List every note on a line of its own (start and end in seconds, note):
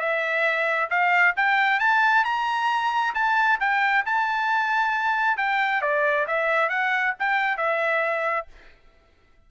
0.00 0.90 E5
0.90 1.35 F5
1.37 1.80 G5
1.80 2.25 A5
2.25 3.15 A#5
3.15 3.60 A5
3.60 4.05 G5
4.06 5.38 A5
5.38 5.82 G5
5.82 6.27 D5
6.28 6.70 E5
6.70 7.14 F#5
7.20 7.58 G5
7.58 8.47 E5